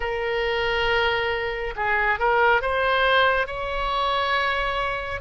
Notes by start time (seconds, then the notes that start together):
0.00 A#4
1.76 G#4
2.19 A#4
2.61 C5
3.47 C#5